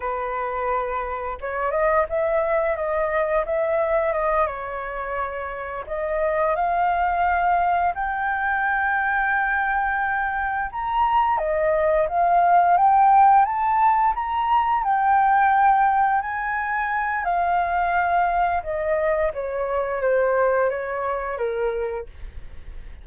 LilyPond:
\new Staff \with { instrumentName = "flute" } { \time 4/4 \tempo 4 = 87 b'2 cis''8 dis''8 e''4 | dis''4 e''4 dis''8 cis''4.~ | cis''8 dis''4 f''2 g''8~ | g''2.~ g''8 ais''8~ |
ais''8 dis''4 f''4 g''4 a''8~ | a''8 ais''4 g''2 gis''8~ | gis''4 f''2 dis''4 | cis''4 c''4 cis''4 ais'4 | }